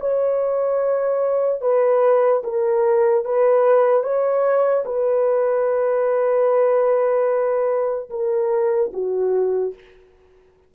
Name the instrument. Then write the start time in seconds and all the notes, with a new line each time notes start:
horn
0.00 C#5
1.61 B4
2.44 A#4
3.25 B4
4.03 C#5
4.85 B4
8.10 A#4
8.93 F#4